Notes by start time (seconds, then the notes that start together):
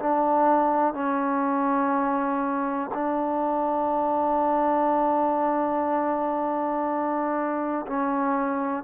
0.00 D4
0.94 C#4
2.95 D4
7.87 C#4